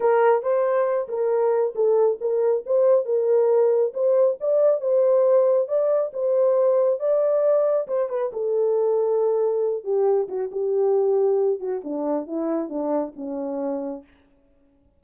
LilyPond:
\new Staff \with { instrumentName = "horn" } { \time 4/4 \tempo 4 = 137 ais'4 c''4. ais'4. | a'4 ais'4 c''4 ais'4~ | ais'4 c''4 d''4 c''4~ | c''4 d''4 c''2 |
d''2 c''8 b'8 a'4~ | a'2~ a'8 g'4 fis'8 | g'2~ g'8 fis'8 d'4 | e'4 d'4 cis'2 | }